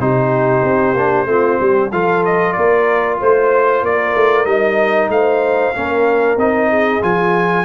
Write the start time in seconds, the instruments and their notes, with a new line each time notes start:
0.00 tuba C3, trombone D#4, horn G4, trumpet C5
0.63 tuba C4
0.94 tuba A#3, trombone D4
1.26 tuba A3, trombone C4, horn F4
1.61 tuba G3, horn G4
1.92 tuba F3, trombone F4, horn A4, trumpet F5
2.25 trumpet D#5
2.53 tuba A#3, horn A#4, trumpet D5
3.20 tuba A3, horn C5, trumpet C5
3.83 tuba A#3, horn A#4, trumpet D5
4.15 tuba A3
4.46 tuba G3, trombone D#4, trumpet D#5
5.09 tuba A3, horn C5, trumpet F5
5.75 tuba A#3, trombone C#4, horn A#4
6.37 tuba C4, trombone D#4, trumpet D#5
6.70 horn G#4
7.02 tuba F3, trombone F4, trumpet G#5